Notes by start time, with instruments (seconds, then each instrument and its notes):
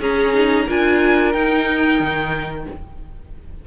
0.00 cello C#4, viola C#4, violin G#4 A#5
0.33 viola D#4
0.65 cello D4, viola F4, violin A#4 G#5
1.32 viola D#4, cello D#4, violin G5
1.99 cello D#3